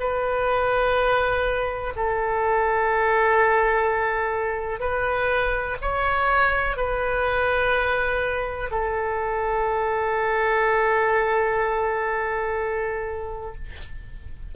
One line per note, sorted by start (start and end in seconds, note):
0.00 1.94 B4
1.96 4.80 A4
4.80 5.77 B4
5.82 6.77 C#5
6.77 8.71 B4
8.71 13.55 A4